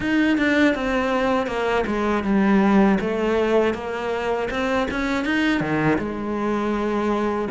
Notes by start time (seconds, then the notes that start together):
0.00 D#4
0.37 D4
0.74 C4
1.47 A#3
1.86 G#3
2.23 G3
3.00 A3
3.74 A#3
4.50 C4
4.90 C#4
5.24 D#4
5.60 D#3
5.98 G#3